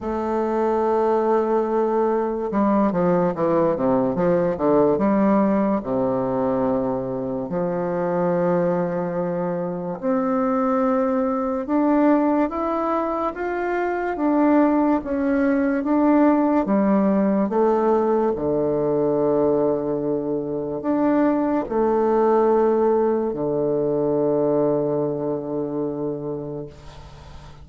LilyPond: \new Staff \with { instrumentName = "bassoon" } { \time 4/4 \tempo 4 = 72 a2. g8 f8 | e8 c8 f8 d8 g4 c4~ | c4 f2. | c'2 d'4 e'4 |
f'4 d'4 cis'4 d'4 | g4 a4 d2~ | d4 d'4 a2 | d1 | }